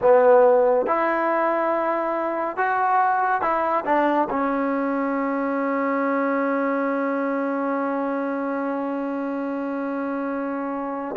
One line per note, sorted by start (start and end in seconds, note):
0.01 0.86 B3
0.86 2.56 E4
2.56 3.41 F#4
3.41 3.84 E4
3.85 4.28 D4
4.30 11.15 C#4